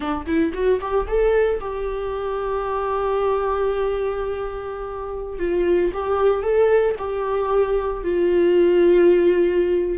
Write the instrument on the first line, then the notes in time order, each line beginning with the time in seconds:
viola
0.00 D4
0.26 E4
0.53 F#4
0.80 G4
1.07 A4
1.60 G4
5.38 F4
5.93 G4
6.42 A4
6.98 G4
8.03 F4